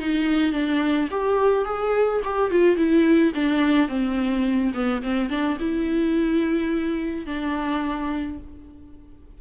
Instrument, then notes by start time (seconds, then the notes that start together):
viola
0.00 D#4
0.53 D4
1.11 G4
1.65 G#4
2.25 G4
2.51 F4
2.77 E4
3.35 D4
3.88 C4
4.74 B3
5.03 C4
5.30 D4
5.60 E4
7.26 D4